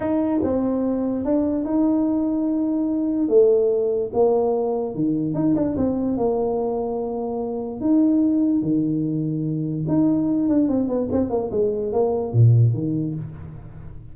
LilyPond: \new Staff \with { instrumentName = "tuba" } { \time 4/4 \tempo 4 = 146 dis'4 c'2 d'4 | dis'1 | a2 ais2 | dis4 dis'8 d'8 c'4 ais4~ |
ais2. dis'4~ | dis'4 dis2. | dis'4. d'8 c'8 b8 c'8 ais8 | gis4 ais4 ais,4 dis4 | }